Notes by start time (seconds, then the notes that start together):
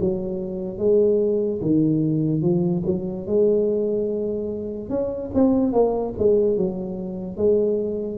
0.00 F#3
0.78 G#3
1.61 D#3
2.42 F3
2.85 F#3
3.27 G#3
4.89 C#4
5.34 C4
5.72 A#3
6.18 G#3
6.57 F#3
7.37 G#3